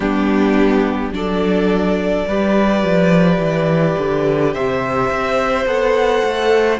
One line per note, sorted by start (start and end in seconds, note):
0.00 1.11 G3
0.00 1.12 B3
0.00 1.12 D4
0.00 1.12 G4
1.11 2.25 F#3
1.11 2.26 D4
1.11 2.27 A4
1.11 4.53 D5
2.27 2.83 G3
2.27 5.67 G4
2.27 4.53 B4
2.83 3.38 F3
3.38 3.95 E3
3.98 4.55 D3
4.53 5.10 C3
4.53 6.79 C5
4.53 5.66 E5
5.10 5.66 C4
5.66 6.22 B3
5.66 6.79 A4
5.66 6.79 F#5
6.23 6.79 A3